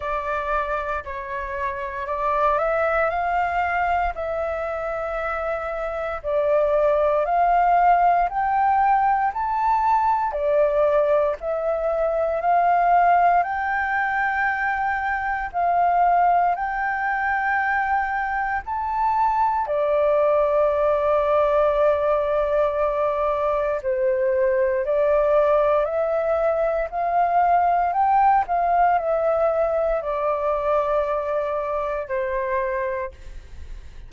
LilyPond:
\new Staff \with { instrumentName = "flute" } { \time 4/4 \tempo 4 = 58 d''4 cis''4 d''8 e''8 f''4 | e''2 d''4 f''4 | g''4 a''4 d''4 e''4 | f''4 g''2 f''4 |
g''2 a''4 d''4~ | d''2. c''4 | d''4 e''4 f''4 g''8 f''8 | e''4 d''2 c''4 | }